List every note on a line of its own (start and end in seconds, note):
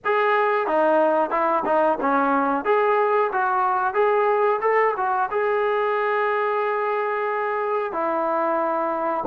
0.04 0.67 G#4
0.67 1.30 D#4
1.30 1.63 E4
1.65 1.98 D#4
2.00 2.64 C#4
2.64 3.30 G#4
3.32 3.94 F#4
3.94 4.59 G#4
4.61 4.94 A4
4.96 5.29 F#4
5.30 7.92 G#4
7.92 9.24 E4